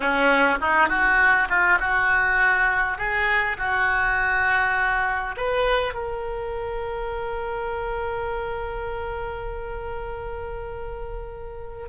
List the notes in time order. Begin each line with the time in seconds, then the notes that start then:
0.00 C#4
0.60 D#4
0.89 F#4
1.49 F4
1.80 F#4
2.98 G#4
3.57 F#4
5.37 B4
5.94 A#4